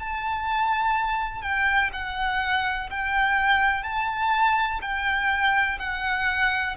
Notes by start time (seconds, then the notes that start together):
0.00 A5
1.43 G5
1.93 F#5
2.90 G5
3.84 A5
4.82 G5
5.79 F#5